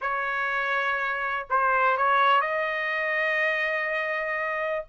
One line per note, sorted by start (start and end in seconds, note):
0.01 1.47 C#5
1.49 1.97 C5
1.97 2.41 C#5
2.41 4.85 D#5